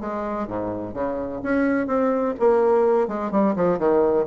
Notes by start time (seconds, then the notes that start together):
0.00 G#3
0.47 G#2
0.94 C#3
1.43 C#4
1.87 C4
2.39 A#3
3.08 G#3
3.31 G3
3.56 F3
3.78 D#3